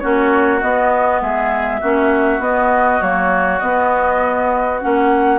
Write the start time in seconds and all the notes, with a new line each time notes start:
0.00 A#3 C#4 F#4 C#5
0.61 B3 D#5
1.22 G#3 G#4 E5
1.81 A#3 C#4 F#4
2.40 B3 D#5
3.01 F#3 A#3 C#5
3.60 B3 D#5
4.81 A#3 C#4 F#5